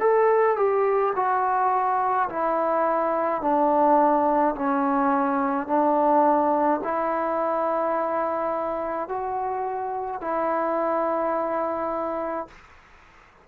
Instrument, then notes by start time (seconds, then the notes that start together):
trombone
0.00 A4
0.57 G4
1.16 F#4
2.30 E4
3.42 D4
4.55 C#4
5.68 D4
6.84 E4
9.09 F#4
10.21 E4